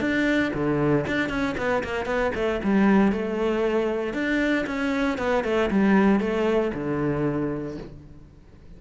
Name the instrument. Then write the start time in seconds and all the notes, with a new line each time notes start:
cello
0.00 D4
0.54 D3
1.07 D4
1.29 C#4
1.57 B3
1.83 A#3
2.05 B3
2.34 A3
2.63 G3
3.12 A3
4.13 D4
4.66 C#4
5.18 B3
5.44 A3
5.71 G3
6.20 A3
6.74 D3